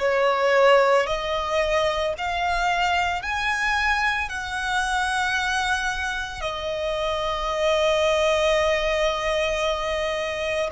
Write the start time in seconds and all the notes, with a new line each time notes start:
0.00 C#5
1.07 D#5
2.18 F5
3.23 G#5
4.30 F#5
6.42 D#5